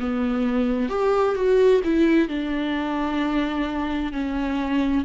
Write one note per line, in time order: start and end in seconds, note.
0.00 0.89 B3
0.89 1.35 G4
1.35 1.81 F#4
1.84 2.29 E4
2.29 4.12 D4
4.12 5.05 C#4